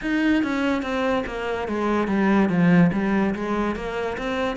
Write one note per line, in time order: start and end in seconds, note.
0.02 0.43 D#4
0.43 0.82 C#4
0.82 1.24 C4
1.26 1.67 A#3
1.67 2.07 G#3
2.07 2.48 G3
2.48 2.90 F3
2.92 3.34 G3
3.34 3.75 G#3
3.75 4.17 A#3
4.17 4.56 C4